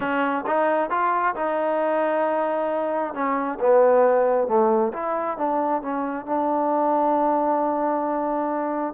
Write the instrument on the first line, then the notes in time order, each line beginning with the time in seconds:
trombone
0.00 C#4
0.46 D#4
0.90 F4
1.35 D#4
3.14 C#4
3.60 B3
4.47 A3
4.93 E4
5.37 D4
5.81 C#4
6.26 D4